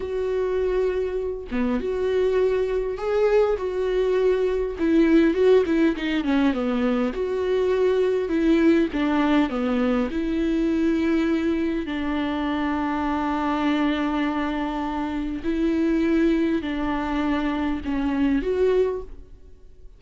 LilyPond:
\new Staff \with { instrumentName = "viola" } { \time 4/4 \tempo 4 = 101 fis'2~ fis'8 b8 fis'4~ | fis'4 gis'4 fis'2 | e'4 fis'8 e'8 dis'8 cis'8 b4 | fis'2 e'4 d'4 |
b4 e'2. | d'1~ | d'2 e'2 | d'2 cis'4 fis'4 | }